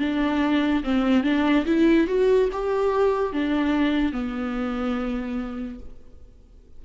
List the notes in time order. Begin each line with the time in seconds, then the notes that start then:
0.00 D4
0.84 C4
1.24 D4
1.66 E4
2.08 F#4
2.53 G4
3.33 D4
4.12 B3